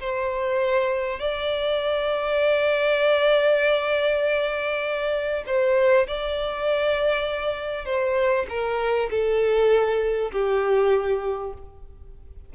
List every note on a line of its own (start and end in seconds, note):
0.00 1.20 C5
1.20 5.44 D5
5.46 6.07 C5
6.07 7.85 D5
7.85 8.45 C5
8.49 9.09 A#4
9.10 10.31 A4
10.32 11.53 G4